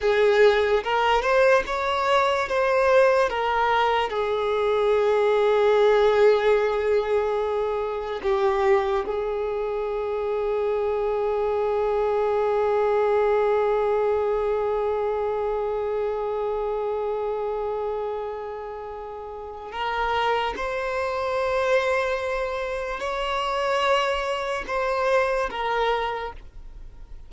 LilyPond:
\new Staff \with { instrumentName = "violin" } { \time 4/4 \tempo 4 = 73 gis'4 ais'8 c''8 cis''4 c''4 | ais'4 gis'2.~ | gis'2 g'4 gis'4~ | gis'1~ |
gis'1~ | gis'1 | ais'4 c''2. | cis''2 c''4 ais'4 | }